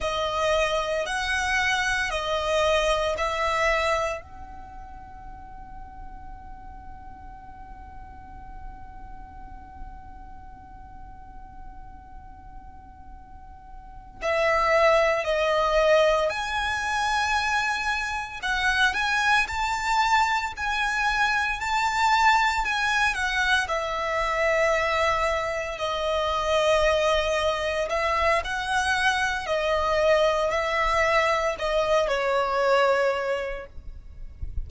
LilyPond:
\new Staff \with { instrumentName = "violin" } { \time 4/4 \tempo 4 = 57 dis''4 fis''4 dis''4 e''4 | fis''1~ | fis''1~ | fis''4. e''4 dis''4 gis''8~ |
gis''4. fis''8 gis''8 a''4 gis''8~ | gis''8 a''4 gis''8 fis''8 e''4.~ | e''8 dis''2 e''8 fis''4 | dis''4 e''4 dis''8 cis''4. | }